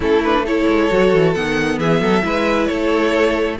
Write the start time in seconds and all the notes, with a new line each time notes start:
0.00 A3 C#4 E4 A4
0.23 D4 B4
0.45 E4 A4 C#5
0.68 G#3
0.90 F#3 F#4
1.13 E3
1.34 D#3 B3 F#5
1.78 E3 G#4 E5
2.00 F#3 A4
2.22 G#3 E4 B4
2.66 A3 A4 C#5